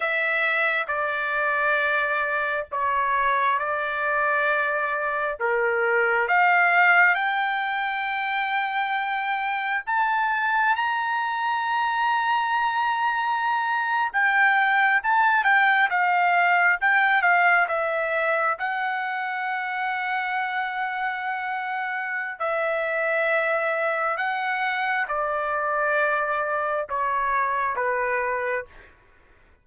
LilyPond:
\new Staff \with { instrumentName = "trumpet" } { \time 4/4 \tempo 4 = 67 e''4 d''2 cis''4 | d''2 ais'4 f''4 | g''2. a''4 | ais''2.~ ais''8. g''16~ |
g''8. a''8 g''8 f''4 g''8 f''8 e''16~ | e''8. fis''2.~ fis''16~ | fis''4 e''2 fis''4 | d''2 cis''4 b'4 | }